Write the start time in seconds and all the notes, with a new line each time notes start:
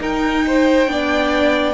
0.00 D#4 A#4 G5
0.46 C5
0.87 B3 D4 D5